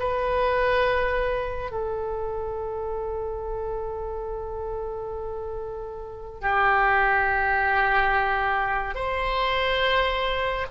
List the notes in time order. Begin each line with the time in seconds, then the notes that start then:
0.00 B4
1.71 A4
6.42 G4
8.95 C5